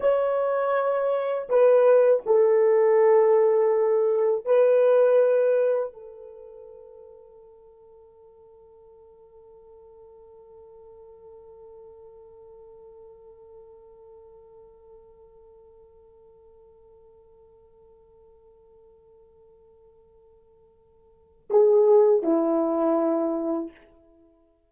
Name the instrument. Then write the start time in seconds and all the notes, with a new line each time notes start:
horn
0.00 C#5
1.49 B4
2.26 A4
4.45 B4
5.93 A4
21.50 G#4
22.22 E4